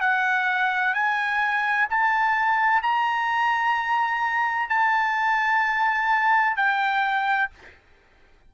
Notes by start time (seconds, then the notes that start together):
0.00 F#5
0.94 G#5
1.89 A5
2.82 A#5
4.69 A5
6.56 G5